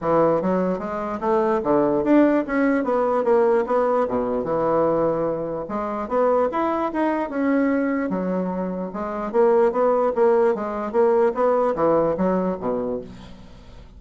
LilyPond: \new Staff \with { instrumentName = "bassoon" } { \time 4/4 \tempo 4 = 148 e4 fis4 gis4 a4 | d4 d'4 cis'4 b4 | ais4 b4 b,4 e4~ | e2 gis4 b4 |
e'4 dis'4 cis'2 | fis2 gis4 ais4 | b4 ais4 gis4 ais4 | b4 e4 fis4 b,4 | }